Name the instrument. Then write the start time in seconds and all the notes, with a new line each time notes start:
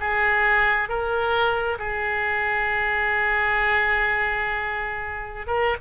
oboe
0.00 G#4
0.89 A#4
1.79 G#4
5.47 A#4